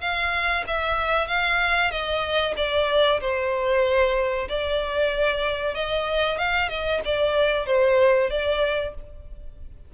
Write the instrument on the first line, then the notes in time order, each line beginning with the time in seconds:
violin
0.00 F5
0.66 E5
1.27 F5
1.91 D#5
2.56 D5
3.20 C5
4.48 D5
5.74 D#5
6.38 F5
6.68 D#5
7.04 D5
7.66 C5
8.30 D5